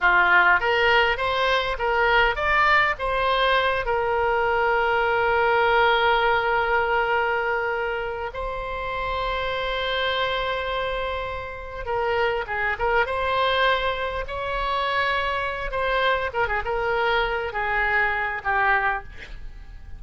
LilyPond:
\new Staff \with { instrumentName = "oboe" } { \time 4/4 \tempo 4 = 101 f'4 ais'4 c''4 ais'4 | d''4 c''4. ais'4.~ | ais'1~ | ais'2 c''2~ |
c''1 | ais'4 gis'8 ais'8 c''2 | cis''2~ cis''8 c''4 ais'16 gis'16 | ais'4. gis'4. g'4 | }